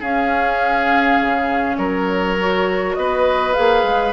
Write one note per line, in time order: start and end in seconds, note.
0.00 1.19 C#4
0.00 2.38 C#4
0.00 1.76 G#4
0.00 1.77 F5
1.21 1.78 C#3
1.77 2.96 F#3
1.77 2.96 A#4
1.77 2.95 C#5
2.38 3.55 F#4
2.95 3.56 B3
2.95 4.13 B4
2.95 3.54 D#5
3.54 3.84 A#3
3.54 4.13 G#4
3.54 4.12 F5
3.84 4.13 G#3